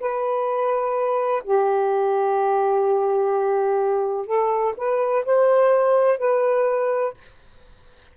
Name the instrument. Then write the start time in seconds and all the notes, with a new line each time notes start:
saxophone
0.00 B4
1.44 G4
4.26 A4
4.77 B4
5.26 C5
6.19 B4